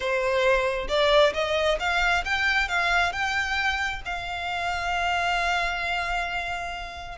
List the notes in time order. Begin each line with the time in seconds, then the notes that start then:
0.00 C5
0.88 D5
1.33 D#5
1.79 F5
2.24 G5
2.68 F5
3.12 G5
4.05 F5